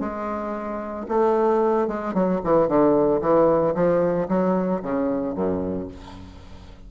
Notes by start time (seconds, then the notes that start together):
0.00 G#3
1.08 A3
1.88 G#3
2.14 F#3
2.44 E3
2.68 D3
3.21 E3
3.75 F3
4.28 F#3
4.82 C#3
5.35 F#2